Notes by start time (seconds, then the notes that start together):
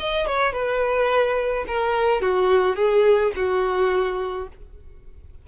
0.00 D#5
0.28 C#5
0.53 B4
1.68 A#4
2.22 F#4
2.77 G#4
3.36 F#4